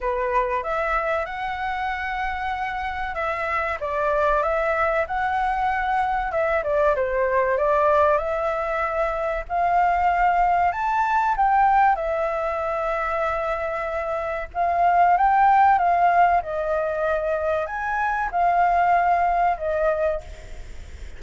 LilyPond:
\new Staff \with { instrumentName = "flute" } { \time 4/4 \tempo 4 = 95 b'4 e''4 fis''2~ | fis''4 e''4 d''4 e''4 | fis''2 e''8 d''8 c''4 | d''4 e''2 f''4~ |
f''4 a''4 g''4 e''4~ | e''2. f''4 | g''4 f''4 dis''2 | gis''4 f''2 dis''4 | }